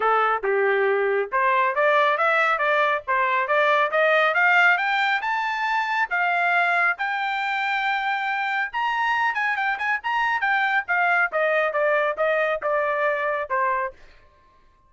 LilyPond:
\new Staff \with { instrumentName = "trumpet" } { \time 4/4 \tempo 4 = 138 a'4 g'2 c''4 | d''4 e''4 d''4 c''4 | d''4 dis''4 f''4 g''4 | a''2 f''2 |
g''1 | ais''4. gis''8 g''8 gis''8 ais''4 | g''4 f''4 dis''4 d''4 | dis''4 d''2 c''4 | }